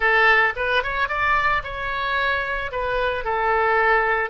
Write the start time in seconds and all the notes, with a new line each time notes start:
0.00 A4
0.56 B4
0.83 C#5
1.08 D5
1.63 C#5
2.71 B4
3.24 A4